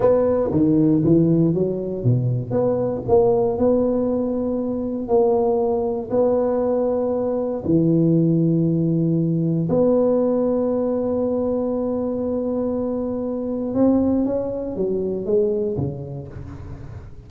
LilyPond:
\new Staff \with { instrumentName = "tuba" } { \time 4/4 \tempo 4 = 118 b4 dis4 e4 fis4 | b,4 b4 ais4 b4~ | b2 ais2 | b2. e4~ |
e2. b4~ | b1~ | b2. c'4 | cis'4 fis4 gis4 cis4 | }